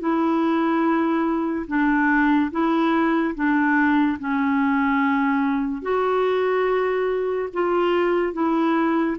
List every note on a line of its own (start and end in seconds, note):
0.00 1.67 E4
1.68 2.51 D4
2.52 3.35 E4
3.35 4.19 D4
4.20 5.83 C#4
5.83 7.49 F#4
7.53 8.34 F4
8.34 9.17 E4